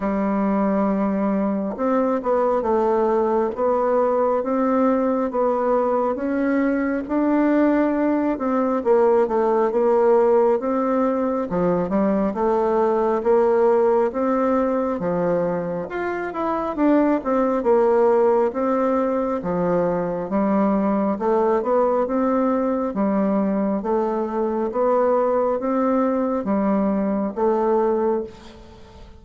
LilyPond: \new Staff \with { instrumentName = "bassoon" } { \time 4/4 \tempo 4 = 68 g2 c'8 b8 a4 | b4 c'4 b4 cis'4 | d'4. c'8 ais8 a8 ais4 | c'4 f8 g8 a4 ais4 |
c'4 f4 f'8 e'8 d'8 c'8 | ais4 c'4 f4 g4 | a8 b8 c'4 g4 a4 | b4 c'4 g4 a4 | }